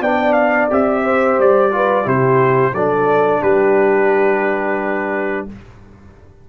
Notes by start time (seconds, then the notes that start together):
0.00 B3 D4 D5 G5
0.33 F5
0.70 C4 G4 E5
1.04 C5
1.38 G3 D5
1.71 F4 B4
2.04 C3 E4 G4 C5
2.73 F#3 D4 A4 D5
3.42 G3 G4 B4